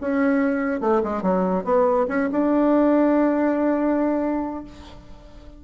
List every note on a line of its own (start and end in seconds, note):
0.00 0.80 C#4
0.80 1.01 A3
1.03 1.22 G#3
1.22 1.64 F#3
1.64 2.06 B3
2.08 2.29 C#4
2.31 4.64 D4